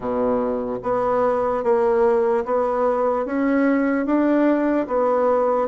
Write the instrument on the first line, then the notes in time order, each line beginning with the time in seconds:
bassoon
0.00 B2
0.83 B3
1.63 A#3
2.45 B3
3.25 C#4
4.05 D4
4.87 B3